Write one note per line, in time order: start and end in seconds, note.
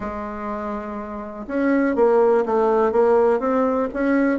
0.00 1.46 G#3
1.47 1.95 C#4
1.95 2.44 A#3
2.45 2.91 A3
2.91 3.39 A#3
3.39 3.88 C4
3.93 4.38 C#4